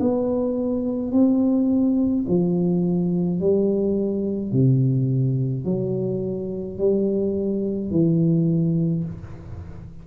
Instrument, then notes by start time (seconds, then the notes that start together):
tuba
0.00 B3
1.12 C4
2.28 F3
3.40 G3
4.52 C3
5.65 F#3
6.78 G3
7.91 E3